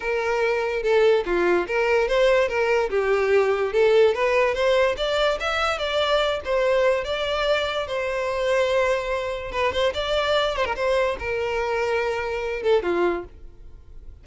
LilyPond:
\new Staff \with { instrumentName = "violin" } { \time 4/4 \tempo 4 = 145 ais'2 a'4 f'4 | ais'4 c''4 ais'4 g'4~ | g'4 a'4 b'4 c''4 | d''4 e''4 d''4. c''8~ |
c''4 d''2 c''4~ | c''2. b'8 c''8 | d''4. c''16 ais'16 c''4 ais'4~ | ais'2~ ais'8 a'8 f'4 | }